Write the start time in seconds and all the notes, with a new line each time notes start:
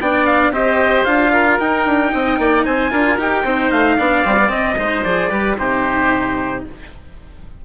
0.00 B3 D4 D5 G5
0.26 F5
0.51 C4 G4 C5 D#5
1.05 D4 F4 F5
1.33 A#4
1.59 D#4 G5
1.86 D4
2.12 C4 D#5
2.38 A#3 D5
2.65 C4 C5 G#5
2.91 D4 F4 A#4
3.18 D#4 G4 G5
3.44 C4 D#4 C5
3.71 A3 F5
3.96 B3 D4 D5
4.24 G3 C4
4.38 B3
4.48 C4 D#5
4.78 G#3 D#4 C5
5.04 F3 G#4 D5
5.30 G3 G4 B4
5.58 C3 D#4 G4 C5